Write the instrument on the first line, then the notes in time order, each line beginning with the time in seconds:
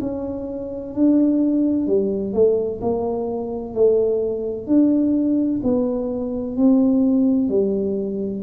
tuba
0.00 C#4
0.94 D4
1.86 G3
2.33 A3
2.81 A#3
3.74 A3
4.67 D4
5.63 B3
6.56 C4
7.49 G3